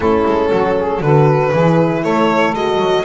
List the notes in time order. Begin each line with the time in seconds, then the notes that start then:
0.00 A3 C#4 E4 A4
0.25 G#3
0.49 F#3 F#4
0.78 G#4
1.01 D3 F#4 A4 B4
1.52 E3 E4 G#4
2.01 A3 A4 C#5
2.54 G#3 F#4 D#5
2.77 F#3